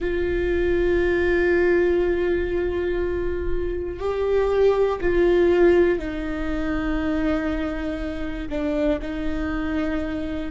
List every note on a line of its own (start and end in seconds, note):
0.00 4.00 F4
4.00 5.00 G4
5.00 5.98 F4
5.98 8.48 D#4
8.49 8.99 D4
9.01 10.51 D#4